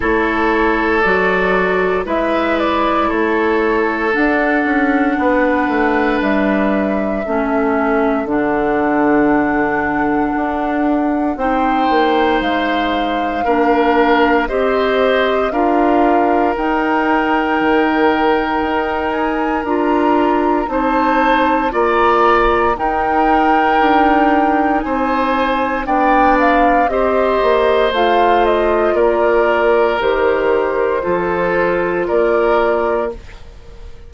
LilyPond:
<<
  \new Staff \with { instrumentName = "flute" } { \time 4/4 \tempo 4 = 58 cis''4 d''4 e''8 d''8 cis''4 | fis''2 e''2 | fis''2. g''4 | f''2 dis''4 f''4 |
g''2~ g''8 gis''8 ais''4 | a''4 ais''4 g''2 | gis''4 g''8 f''8 dis''4 f''8 dis''8 | d''4 c''2 d''4 | }
  \new Staff \with { instrumentName = "oboe" } { \time 4/4 a'2 b'4 a'4~ | a'4 b'2 a'4~ | a'2. c''4~ | c''4 ais'4 c''4 ais'4~ |
ais'1 | c''4 d''4 ais'2 | c''4 d''4 c''2 | ais'2 a'4 ais'4 | }
  \new Staff \with { instrumentName = "clarinet" } { \time 4/4 e'4 fis'4 e'2 | d'2. cis'4 | d'2. dis'4~ | dis'4 d'4 g'4 f'4 |
dis'2. f'4 | dis'4 f'4 dis'2~ | dis'4 d'4 g'4 f'4~ | f'4 g'4 f'2 | }
  \new Staff \with { instrumentName = "bassoon" } { \time 4/4 a4 fis4 gis4 a4 | d'8 cis'8 b8 a8 g4 a4 | d2 d'4 c'8 ais8 | gis4 ais4 c'4 d'4 |
dis'4 dis4 dis'4 d'4 | c'4 ais4 dis'4 d'4 | c'4 b4 c'8 ais8 a4 | ais4 dis4 f4 ais4 | }
>>